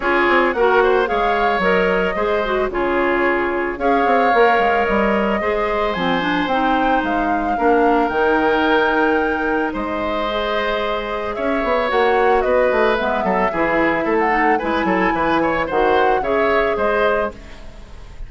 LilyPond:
<<
  \new Staff \with { instrumentName = "flute" } { \time 4/4 \tempo 4 = 111 cis''4 fis''4 f''4 dis''4~ | dis''4 cis''2 f''4~ | f''4 dis''2 gis''4 | g''4 f''2 g''4~ |
g''2 dis''2~ | dis''4 e''4 fis''4 dis''4 | e''2~ e''16 fis''8. gis''4~ | gis''4 fis''4 e''4 dis''4 | }
  \new Staff \with { instrumentName = "oboe" } { \time 4/4 gis'4 ais'8 c''8 cis''2 | c''4 gis'2 cis''4~ | cis''2 c''2~ | c''2 ais'2~ |
ais'2 c''2~ | c''4 cis''2 b'4~ | b'8 a'8 gis'4 a'4 b'8 a'8 | b'8 cis''8 c''4 cis''4 c''4 | }
  \new Staff \with { instrumentName = "clarinet" } { \time 4/4 f'4 fis'4 gis'4 ais'4 | gis'8 fis'8 f'2 gis'4 | ais'2 gis'4 c'8 d'8 | dis'2 d'4 dis'4~ |
dis'2. gis'4~ | gis'2 fis'2 | b4 e'4. dis'8 e'4~ | e'4 fis'4 gis'2 | }
  \new Staff \with { instrumentName = "bassoon" } { \time 4/4 cis'8 c'8 ais4 gis4 fis4 | gis4 cis2 cis'8 c'8 | ais8 gis8 g4 gis4 f4 | c'4 gis4 ais4 dis4~ |
dis2 gis2~ | gis4 cis'8 b8 ais4 b8 a8 | gis8 fis8 e4 a4 gis8 fis8 | e4 dis4 cis4 gis4 | }
>>